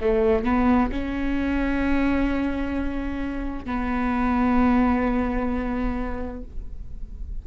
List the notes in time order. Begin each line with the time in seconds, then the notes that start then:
0.00 A3
0.44 B3
0.91 C#4
3.65 B3